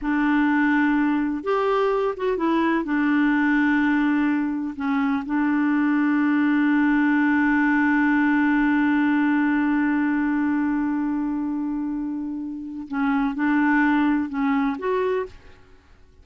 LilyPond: \new Staff \with { instrumentName = "clarinet" } { \time 4/4 \tempo 4 = 126 d'2. g'4~ | g'8 fis'8 e'4 d'2~ | d'2 cis'4 d'4~ | d'1~ |
d'1~ | d'1~ | d'2. cis'4 | d'2 cis'4 fis'4 | }